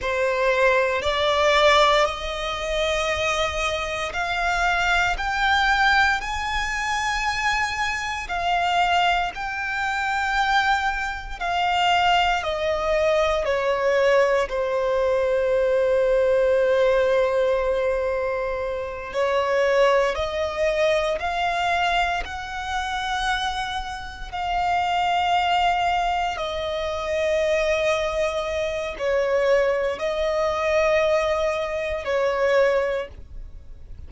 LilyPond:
\new Staff \with { instrumentName = "violin" } { \time 4/4 \tempo 4 = 58 c''4 d''4 dis''2 | f''4 g''4 gis''2 | f''4 g''2 f''4 | dis''4 cis''4 c''2~ |
c''2~ c''8 cis''4 dis''8~ | dis''8 f''4 fis''2 f''8~ | f''4. dis''2~ dis''8 | cis''4 dis''2 cis''4 | }